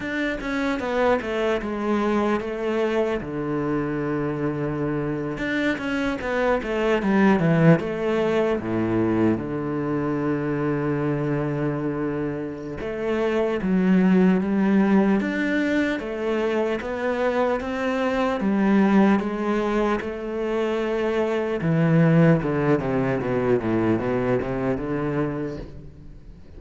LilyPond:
\new Staff \with { instrumentName = "cello" } { \time 4/4 \tempo 4 = 75 d'8 cis'8 b8 a8 gis4 a4 | d2~ d8. d'8 cis'8 b16~ | b16 a8 g8 e8 a4 a,4 d16~ | d1 |
a4 fis4 g4 d'4 | a4 b4 c'4 g4 | gis4 a2 e4 | d8 c8 b,8 a,8 b,8 c8 d4 | }